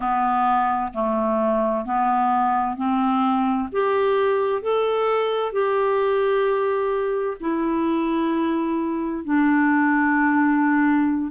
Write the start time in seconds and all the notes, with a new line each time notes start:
0.00 B3
0.93 A3
1.85 B3
2.76 C4
3.72 G4
4.62 A4
5.52 G4
7.40 E4
9.24 D4